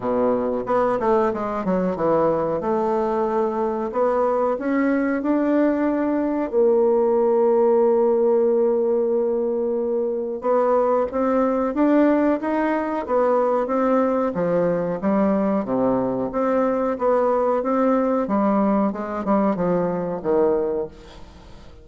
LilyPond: \new Staff \with { instrumentName = "bassoon" } { \time 4/4 \tempo 4 = 92 b,4 b8 a8 gis8 fis8 e4 | a2 b4 cis'4 | d'2 ais2~ | ais1 |
b4 c'4 d'4 dis'4 | b4 c'4 f4 g4 | c4 c'4 b4 c'4 | g4 gis8 g8 f4 dis4 | }